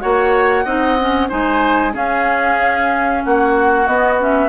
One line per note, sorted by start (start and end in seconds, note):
0.00 0.65 A#3
0.00 0.65 F#4
0.00 0.65 C#5
0.00 1.29 F#5
0.65 1.30 C4
0.65 0.99 D#4
0.65 1.29 D#5
1.01 1.30 C#4
1.29 1.95 G#3
1.29 1.93 D#4
1.29 1.94 C5
1.29 1.95 G#5
1.93 3.87 C#4
1.93 3.24 C#4
1.93 3.23 G#4
1.93 3.25 F5
3.25 3.88 A#3
3.25 4.50 F#4
3.25 3.88 F#5
3.87 4.20 B3
3.87 4.50 B3
3.87 4.20 D#5
4.20 4.50 C#4
4.20 4.50 E5